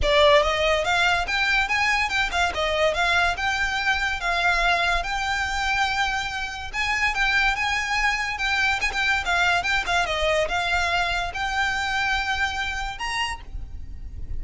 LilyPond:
\new Staff \with { instrumentName = "violin" } { \time 4/4 \tempo 4 = 143 d''4 dis''4 f''4 g''4 | gis''4 g''8 f''8 dis''4 f''4 | g''2 f''2 | g''1 |
gis''4 g''4 gis''2 | g''4 gis''16 g''8. f''4 g''8 f''8 | dis''4 f''2 g''4~ | g''2. ais''4 | }